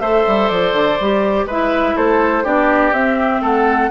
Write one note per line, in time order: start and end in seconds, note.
0.00 0.24 A3
0.00 0.99 A4
0.00 1.46 C5
0.00 0.48 E5
0.27 0.50 G3
0.48 0.72 F3
0.48 1.46 D5
0.72 0.97 D3
1.00 1.45 G3
1.00 1.50 G4
1.45 1.94 G#3
1.45 2.44 E4
1.45 1.95 B4
1.45 1.97 E5
1.96 2.45 A3
1.96 2.43 A4
1.96 2.45 C5
2.43 2.92 B3
2.43 2.93 D4
2.43 3.41 G4
2.43 2.93 D5
2.92 3.41 C4
2.92 3.90 C4
2.92 3.42 E5
3.41 3.90 A3
3.41 3.90 A4
3.41 3.90 F#5